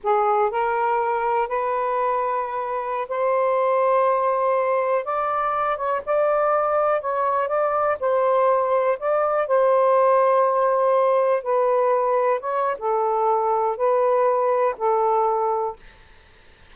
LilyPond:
\new Staff \with { instrumentName = "saxophone" } { \time 4/4 \tempo 4 = 122 gis'4 ais'2 b'4~ | b'2~ b'16 c''4.~ c''16~ | c''2~ c''16 d''4. cis''16~ | cis''16 d''2 cis''4 d''8.~ |
d''16 c''2 d''4 c''8.~ | c''2.~ c''16 b'8.~ | b'4~ b'16 cis''8. a'2 | b'2 a'2 | }